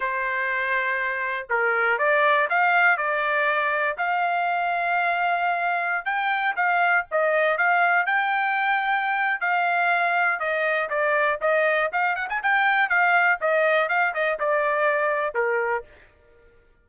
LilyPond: \new Staff \with { instrumentName = "trumpet" } { \time 4/4 \tempo 4 = 121 c''2. ais'4 | d''4 f''4 d''2 | f''1~ | f''16 g''4 f''4 dis''4 f''8.~ |
f''16 g''2~ g''8. f''4~ | f''4 dis''4 d''4 dis''4 | f''8 fis''16 gis''16 g''4 f''4 dis''4 | f''8 dis''8 d''2 ais'4 | }